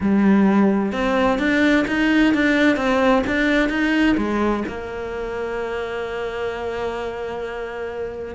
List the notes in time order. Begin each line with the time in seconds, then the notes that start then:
0.01 G3
0.92 C4
1.38 D4
1.87 D#4
2.33 D4
2.76 C4
3.27 D4
3.69 D#4
4.17 G#3
4.68 A#3